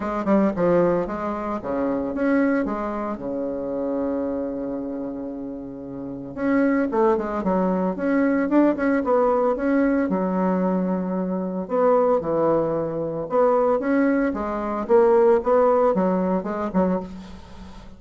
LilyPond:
\new Staff \with { instrumentName = "bassoon" } { \time 4/4 \tempo 4 = 113 gis8 g8 f4 gis4 cis4 | cis'4 gis4 cis2~ | cis1 | cis'4 a8 gis8 fis4 cis'4 |
d'8 cis'8 b4 cis'4 fis4~ | fis2 b4 e4~ | e4 b4 cis'4 gis4 | ais4 b4 fis4 gis8 fis8 | }